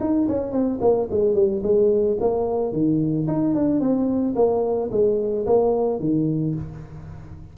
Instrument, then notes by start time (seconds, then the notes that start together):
tuba
0.00 D#4
0.28 C#4
0.52 C4
0.81 A#3
1.11 G#3
1.34 G3
1.63 G#3
2.20 A#3
2.72 D#3
3.27 D#4
3.55 D4
3.80 C4
4.35 A#3
4.91 G#3
5.46 A#3
6.00 D#3